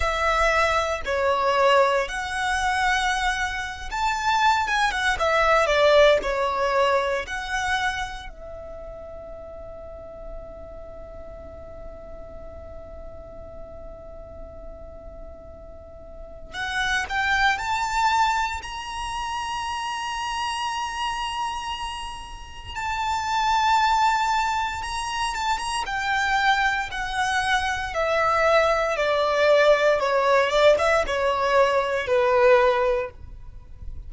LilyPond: \new Staff \with { instrumentName = "violin" } { \time 4/4 \tempo 4 = 58 e''4 cis''4 fis''4.~ fis''16 a''16~ | a''8 gis''16 fis''16 e''8 d''8 cis''4 fis''4 | e''1~ | e''1 |
fis''8 g''8 a''4 ais''2~ | ais''2 a''2 | ais''8 a''16 ais''16 g''4 fis''4 e''4 | d''4 cis''8 d''16 e''16 cis''4 b'4 | }